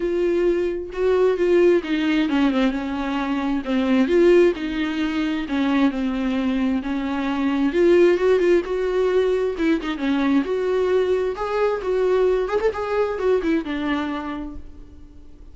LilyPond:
\new Staff \with { instrumentName = "viola" } { \time 4/4 \tempo 4 = 132 f'2 fis'4 f'4 | dis'4 cis'8 c'8 cis'2 | c'4 f'4 dis'2 | cis'4 c'2 cis'4~ |
cis'4 f'4 fis'8 f'8 fis'4~ | fis'4 e'8 dis'8 cis'4 fis'4~ | fis'4 gis'4 fis'4. gis'16 a'16 | gis'4 fis'8 e'8 d'2 | }